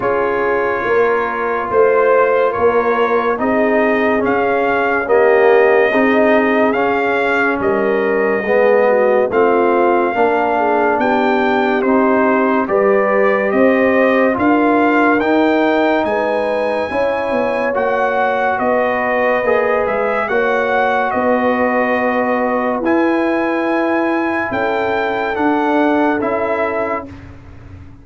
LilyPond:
<<
  \new Staff \with { instrumentName = "trumpet" } { \time 4/4 \tempo 4 = 71 cis''2 c''4 cis''4 | dis''4 f''4 dis''2 | f''4 dis''2 f''4~ | f''4 g''4 c''4 d''4 |
dis''4 f''4 g''4 gis''4~ | gis''4 fis''4 dis''4. e''8 | fis''4 dis''2 gis''4~ | gis''4 g''4 fis''4 e''4 | }
  \new Staff \with { instrumentName = "horn" } { \time 4/4 gis'4 ais'4 c''4 ais'4 | gis'2 g'4 gis'4~ | gis'4 ais'4 gis'8 fis'8 f'4 | ais'8 gis'8 g'2 b'4 |
c''4 ais'2 b'4 | cis''2 b'2 | cis''4 b'2.~ | b'4 a'2. | }
  \new Staff \with { instrumentName = "trombone" } { \time 4/4 f'1 | dis'4 cis'4 ais4 dis'4 | cis'2 b4 c'4 | d'2 dis'4 g'4~ |
g'4 f'4 dis'2 | e'4 fis'2 gis'4 | fis'2. e'4~ | e'2 d'4 e'4 | }
  \new Staff \with { instrumentName = "tuba" } { \time 4/4 cis'4 ais4 a4 ais4 | c'4 cis'2 c'4 | cis'4 g4 gis4 a4 | ais4 b4 c'4 g4 |
c'4 d'4 dis'4 gis4 | cis'8 b8 ais4 b4 ais8 gis8 | ais4 b2 e'4~ | e'4 cis'4 d'4 cis'4 | }
>>